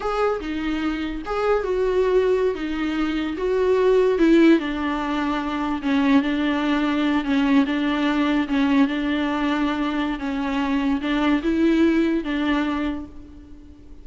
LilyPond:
\new Staff \with { instrumentName = "viola" } { \time 4/4 \tempo 4 = 147 gis'4 dis'2 gis'4 | fis'2~ fis'16 dis'4.~ dis'16~ | dis'16 fis'2 e'4 d'8.~ | d'2~ d'16 cis'4 d'8.~ |
d'4.~ d'16 cis'4 d'4~ d'16~ | d'8. cis'4 d'2~ d'16~ | d'4 cis'2 d'4 | e'2 d'2 | }